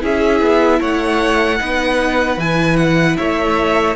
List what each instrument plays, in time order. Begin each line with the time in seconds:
0.00 cello C#4, viola E4, violin G#4 E5
0.41 cello B3
0.80 cello A3, violin C#5 F#5
1.59 cello B3, viola D#4, violin B4
2.37 cello E3, viola E4, violin G#5
2.77 violin F#5
3.17 cello A3, violin C#5 E5